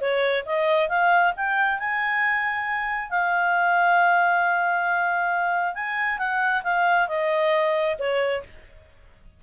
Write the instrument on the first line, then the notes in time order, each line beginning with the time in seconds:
clarinet
0.00 C#5
0.46 D#5
0.89 F5
1.36 G5
1.79 G#5
3.10 F5
5.74 G#5
6.18 F#5
6.63 F5
7.08 D#5
7.98 C#5